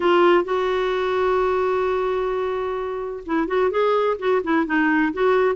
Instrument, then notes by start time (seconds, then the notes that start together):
clarinet
0.00 F4
0.44 F#4
3.26 E4
3.47 F#4
3.70 G#4
4.18 F#4
4.43 E4
4.66 D#4
5.13 F#4